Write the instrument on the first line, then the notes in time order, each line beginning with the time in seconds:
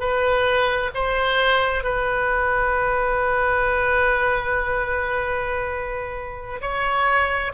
oboe
0.00 B4
0.94 C5
1.83 B4
6.61 C#5